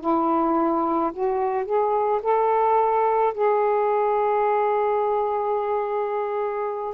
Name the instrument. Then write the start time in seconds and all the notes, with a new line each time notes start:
saxophone
0.00 E4
1.13 F#4
1.65 G#4
2.22 A4
3.34 G#4